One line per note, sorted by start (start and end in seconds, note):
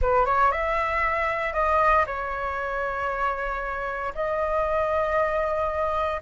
0.01 0.25 B4
0.25 0.51 C#5
0.51 1.53 E5
1.53 2.05 D#5
2.06 4.13 C#5
4.14 6.21 D#5